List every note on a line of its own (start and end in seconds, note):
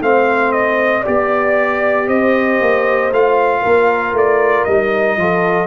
0.00 1.03 A3
0.00 1.05 C4
0.00 1.00 C5
0.00 0.52 F5
0.52 1.03 D#5
1.00 3.11 G4
1.00 2.03 D5
1.07 2.08 B3
1.07 2.08 D5
2.06 2.59 C4
2.06 3.61 C5
2.06 3.12 D#5
2.60 3.11 A#3
3.11 3.62 A3
3.11 4.69 F4
3.11 4.17 F5
3.61 4.12 A#3
3.61 5.17 A#4
4.12 4.64 A3
4.12 4.64 D5
4.64 5.17 G3
4.64 5.18 D#4
4.64 5.66 D#5
5.17 5.66 F3
5.17 5.66 F4
5.17 5.66 A4